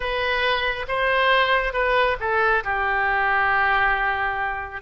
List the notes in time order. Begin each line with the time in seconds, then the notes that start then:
0.00 B4
0.87 C5
1.73 B4
2.20 A4
2.64 G4